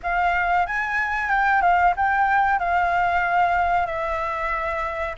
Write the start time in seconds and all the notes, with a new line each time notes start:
0.02 F5
0.66 G#5
1.29 G5
1.61 F5
1.96 G5
2.59 F5
3.86 E5